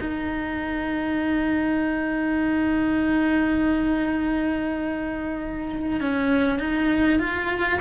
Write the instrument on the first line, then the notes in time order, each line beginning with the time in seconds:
cello
0.00 D#4
6.00 C#4
6.59 D#4
7.19 F4